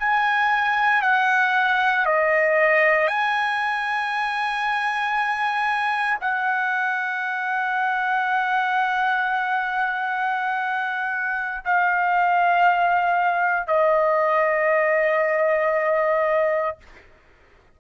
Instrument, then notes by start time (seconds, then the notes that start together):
trumpet
0.00 G#5
1.03 F#5
2.06 D#5
3.08 G#5
6.21 F#5
11.65 F5
13.67 D#5